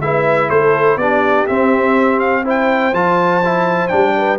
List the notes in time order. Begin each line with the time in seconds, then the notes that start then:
0.00 G#3 E4 B4 E5
0.49 A3 A4 C5
0.96 B3 D4 G4 D5
1.47 C4 E5
2.19 F5
2.42 E4 C5
2.49 G5
2.92 F3 F4 A5
3.44 E4
3.87 G3 D4 G5
4.17 B4